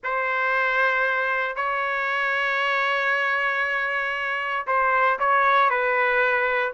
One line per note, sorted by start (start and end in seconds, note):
0.03 1.56 C5
1.56 4.66 C#5
4.67 5.18 C5
5.19 5.69 C#5
5.69 6.73 B4